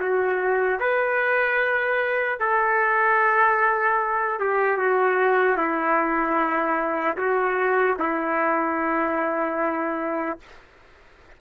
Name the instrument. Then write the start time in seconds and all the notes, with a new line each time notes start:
trumpet
0.00 F#4
0.80 B4
2.39 A4
4.39 G4
4.77 F#4
5.56 E4
7.17 F#4
7.99 E4